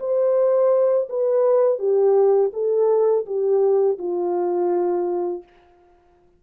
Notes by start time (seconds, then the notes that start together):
0.00 C5
1.09 B4
1.79 G4
2.54 A4
3.26 G4
3.99 F4